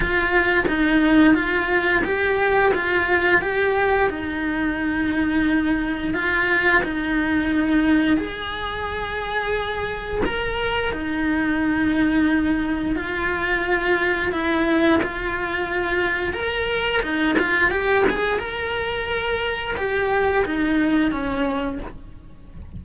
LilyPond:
\new Staff \with { instrumentName = "cello" } { \time 4/4 \tempo 4 = 88 f'4 dis'4 f'4 g'4 | f'4 g'4 dis'2~ | dis'4 f'4 dis'2 | gis'2. ais'4 |
dis'2. f'4~ | f'4 e'4 f'2 | ais'4 dis'8 f'8 g'8 gis'8 ais'4~ | ais'4 g'4 dis'4 cis'4 | }